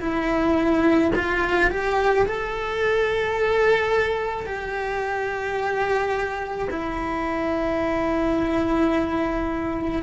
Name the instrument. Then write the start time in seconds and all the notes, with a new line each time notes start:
cello
0.00 E4
1.15 F4
1.70 G4
2.25 A4
4.46 G4
6.70 E4